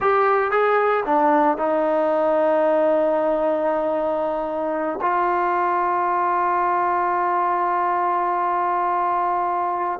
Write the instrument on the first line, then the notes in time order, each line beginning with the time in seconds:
trombone
0.00 G4
0.51 G#4
1.05 D4
1.57 D#4
5.01 F4